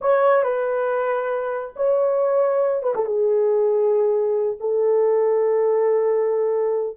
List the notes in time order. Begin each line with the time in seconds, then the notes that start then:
0.01 C#5
0.43 B4
1.76 C#5
2.83 B4
2.95 A4
3.05 G#4
4.59 A4